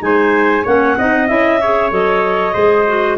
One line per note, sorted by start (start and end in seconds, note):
0.00 0.65 G#3
0.00 0.63 D#4
0.00 0.64 C5
0.00 0.66 G#5
0.64 0.98 A#3
0.64 0.98 C#4
0.64 0.95 C#5
0.64 1.27 F#5
0.98 1.30 C4
0.98 1.28 D#4
0.98 1.62 D#5
1.27 1.92 C#4
1.27 1.60 E4
1.27 1.91 E5
1.62 1.91 G#4
1.62 2.54 C#5
1.91 2.55 F#3
1.91 2.54 A4
1.91 3.18 D#5
2.54 3.18 G#3
2.54 2.86 G#4
2.54 3.17 C5
2.88 3.18 F#4